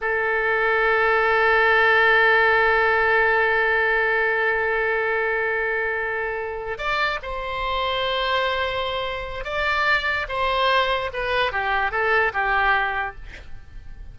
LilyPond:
\new Staff \with { instrumentName = "oboe" } { \time 4/4 \tempo 4 = 146 a'1~ | a'1~ | a'1~ | a'1~ |
a'8 d''4 c''2~ c''8~ | c''2. d''4~ | d''4 c''2 b'4 | g'4 a'4 g'2 | }